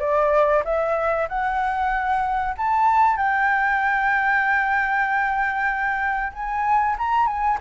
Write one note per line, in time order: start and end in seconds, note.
0.00 0.63 D5
0.65 1.28 E5
1.29 2.55 F#5
2.58 3.17 A5
3.17 6.33 G5
6.33 6.96 G#5
6.98 7.27 A#5
7.27 7.58 G#5